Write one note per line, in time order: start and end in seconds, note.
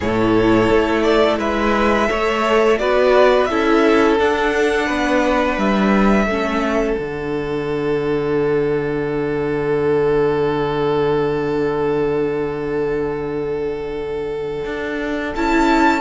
0.00 0.70 A2
0.00 2.07 E4
0.00 1.39 A4
0.00 1.02 C#5
0.70 1.38 A3
1.02 1.37 D5
1.38 2.08 G#3
1.38 2.08 B4
1.38 2.78 E5
2.07 2.79 A3
2.07 2.77 A4
2.07 2.78 C#5
2.78 3.49 B3
2.78 3.48 F#4
2.78 3.50 B4
2.78 3.45 D5
3.45 4.19 C#4
3.45 4.19 E4
3.45 4.86 A4
3.45 4.15 E5
4.19 6.28 D4
4.19 4.89 D4
4.19 5.58 F#5
4.86 5.57 B3
4.86 6.26 B4
5.57 6.26 G3
5.57 6.96 E5
6.26 6.95 A3
6.26 6.97 C#4
6.26 16.00 A4
6.96 14.65 D3
6.96 15.34 D4
6.96 15.33 F#5
14.65 15.34 D4
15.35 16.00 C#4
15.35 16.00 E4
15.35 16.00 A5